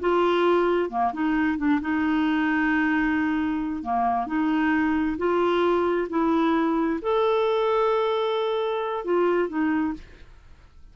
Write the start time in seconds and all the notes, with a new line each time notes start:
0.00 F4
0.89 A#3
1.13 D#4
1.57 D4
1.81 D#4
3.83 A#3
4.26 D#4
5.17 F4
6.09 E4
7.01 A4
9.04 F4
9.48 D#4